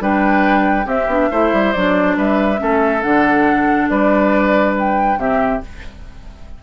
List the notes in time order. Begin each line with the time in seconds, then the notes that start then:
0.00 G3 D4 B4 G5
0.85 C4 G4 E5
1.07 B3 D4
1.31 A3 E4 C5
1.53 G3
1.73 F#3 D4 D5
2.17 G3 B4 E5
2.57 A3 C#4 A4
3.02 D3 D4 F#5
3.89 G3 B4 D5
4.79 G5
5.17 C3 C4 G4 E5